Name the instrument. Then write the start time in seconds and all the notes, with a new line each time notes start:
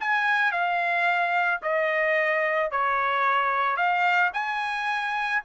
trumpet
0.00 G#5
0.52 F5
1.62 D#5
2.71 C#5
3.76 F5
4.33 G#5